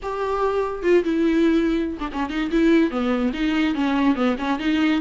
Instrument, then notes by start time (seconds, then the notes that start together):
viola
0.02 G4
0.83 F4
1.04 E4
1.99 D4
2.12 C#4
2.29 D#4
2.51 E4
2.90 B3
3.33 D#4
3.74 C#4
4.15 B3
4.38 C#4
4.59 D#4